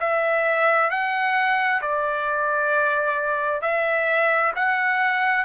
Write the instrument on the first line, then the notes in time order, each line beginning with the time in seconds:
trumpet
0.00 E5
0.90 F#5
1.82 D5
3.62 E5
4.56 F#5